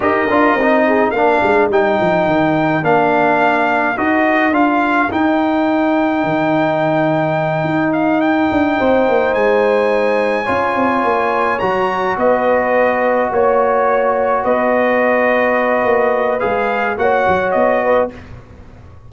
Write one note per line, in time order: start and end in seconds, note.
0.00 0.27 D#4
0.00 0.27 G4
0.00 0.86 A#4
0.00 1.10 D#5
0.29 0.54 D4
0.29 0.58 F4
0.54 1.10 C4
0.60 1.15 D#4
0.87 1.14 G#4
1.10 1.39 A#3
1.10 1.71 D4
1.10 8.78 A#4
1.10 1.67 F5
1.42 1.69 G#3
1.69 1.97 G3
1.69 2.82 D#4
1.69 2.84 G5
2.01 2.26 F3
2.26 2.82 D#3
2.82 3.96 A#3
2.82 3.96 D4
2.82 3.97 F5
3.97 4.51 D#4
3.97 4.52 F#4
3.97 4.54 D#5
4.51 5.07 D4
4.51 5.09 F4
4.51 5.10 F5
5.10 10.46 D#4
5.10 6.23 D#4
5.10 7.93 G5
6.23 7.64 D#3
7.64 8.48 D#4
7.93 8.21 F5
8.21 9.33 G5
8.51 8.79 D4
8.78 9.08 C4
8.78 10.43 C5
9.08 9.34 A#3
9.33 10.47 G#3
9.33 11.59 G#5
10.43 10.75 C#4
10.43 11.59 F4
10.43 12.13 C#5
10.75 11.03 C4
11.04 11.60 A#3
11.59 12.17 F#3
11.59 16.40 F#4
11.59 12.15 A#5
12.17 13.30 B3
12.17 13.31 B4
12.17 13.32 D#5
13.30 14.44 A#3
13.30 14.44 C#5
14.44 15.84 B3
14.44 16.99 B4
14.44 16.39 D#5
15.84 16.40 A#3
16.39 16.97 G#3
16.39 16.96 G#4
16.39 16.96 F5
16.97 17.25 A#3
16.97 18.10 F#4
16.97 17.84 C#5
16.97 17.51 F#5
17.27 17.55 F#3
17.51 18.11 B3
17.51 18.08 D#5
17.84 18.12 B4